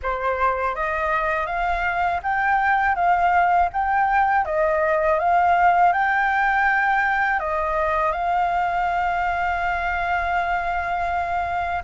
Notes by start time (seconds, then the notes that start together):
0.02 C5
0.75 D#5
1.46 F5
2.22 G5
2.95 F5
3.72 G5
4.45 D#5
5.19 F5
5.93 G5
7.39 D#5
8.12 F5